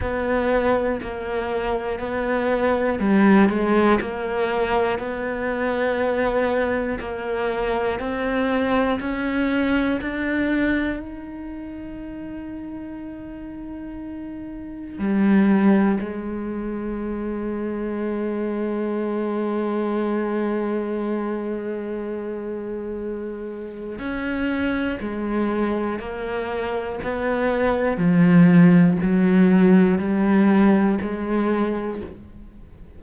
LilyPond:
\new Staff \with { instrumentName = "cello" } { \time 4/4 \tempo 4 = 60 b4 ais4 b4 g8 gis8 | ais4 b2 ais4 | c'4 cis'4 d'4 dis'4~ | dis'2. g4 |
gis1~ | gis1 | cis'4 gis4 ais4 b4 | f4 fis4 g4 gis4 | }